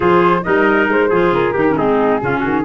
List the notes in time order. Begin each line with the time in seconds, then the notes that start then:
0.00 F3 F4 G#4 C5
0.43 G3 D#4 A#4 D#5
0.88 G#3 C5
1.09 F3 F4 G#4
1.32 C#3 A#4
1.53 D#3 D#4 G4
1.69 C#4
1.76 G#3 C4 D#4 G#4
2.21 C#3 C#4 F4
2.39 D#3 F#4